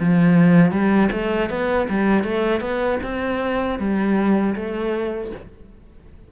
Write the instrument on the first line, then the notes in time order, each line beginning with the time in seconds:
cello
0.00 F3
0.71 G3
1.12 A3
1.50 B3
1.90 G3
2.24 A3
2.61 B3
3.03 C4
3.79 G3
4.55 A3